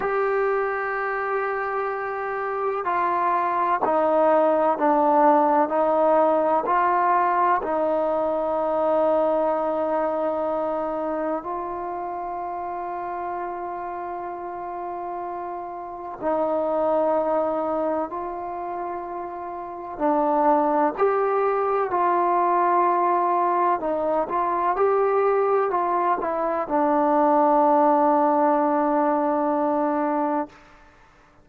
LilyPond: \new Staff \with { instrumentName = "trombone" } { \time 4/4 \tempo 4 = 63 g'2. f'4 | dis'4 d'4 dis'4 f'4 | dis'1 | f'1~ |
f'4 dis'2 f'4~ | f'4 d'4 g'4 f'4~ | f'4 dis'8 f'8 g'4 f'8 e'8 | d'1 | }